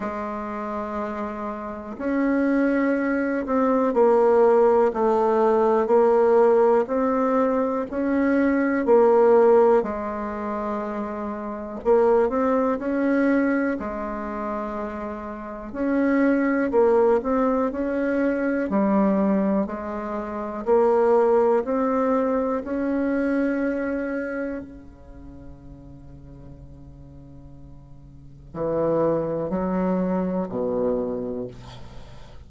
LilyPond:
\new Staff \with { instrumentName = "bassoon" } { \time 4/4 \tempo 4 = 61 gis2 cis'4. c'8 | ais4 a4 ais4 c'4 | cis'4 ais4 gis2 | ais8 c'8 cis'4 gis2 |
cis'4 ais8 c'8 cis'4 g4 | gis4 ais4 c'4 cis'4~ | cis'4 cis2.~ | cis4 e4 fis4 b,4 | }